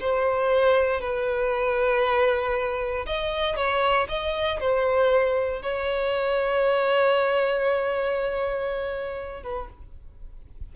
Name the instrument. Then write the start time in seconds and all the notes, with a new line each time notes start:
violin
0.00 C5
1.00 B4
3.06 D#5
3.56 C#5
4.09 D#5
4.60 C5
5.62 C#5
9.43 B4